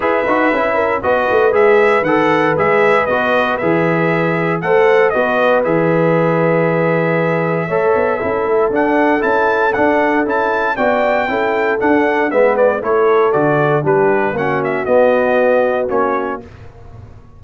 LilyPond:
<<
  \new Staff \with { instrumentName = "trumpet" } { \time 4/4 \tempo 4 = 117 e''2 dis''4 e''4 | fis''4 e''4 dis''4 e''4~ | e''4 fis''4 dis''4 e''4~ | e''1~ |
e''4 fis''4 a''4 fis''4 | a''4 g''2 fis''4 | e''8 d''8 cis''4 d''4 b'4 | fis''8 e''8 dis''2 cis''4 | }
  \new Staff \with { instrumentName = "horn" } { \time 4/4 b'4. ais'8 b'2~ | b'1~ | b'4 c''4 b'2~ | b'2. cis''4 |
a'1~ | a'4 d''4 a'2 | b'4 a'2 g'4 | fis'1 | }
  \new Staff \with { instrumentName = "trombone" } { \time 4/4 gis'8 fis'8 e'4 fis'4 gis'4 | a'4 gis'4 fis'4 gis'4~ | gis'4 a'4 fis'4 gis'4~ | gis'2. a'4 |
e'4 d'4 e'4 d'4 | e'4 fis'4 e'4 d'4 | b4 e'4 fis'4 d'4 | cis'4 b2 cis'4 | }
  \new Staff \with { instrumentName = "tuba" } { \time 4/4 e'8 dis'8 cis'4 b8 a8 gis4 | dis4 gis4 b4 e4~ | e4 a4 b4 e4~ | e2. a8 b8 |
cis'8 a8 d'4 cis'4 d'4 | cis'4 b4 cis'4 d'4 | gis4 a4 d4 g4 | ais4 b2 ais4 | }
>>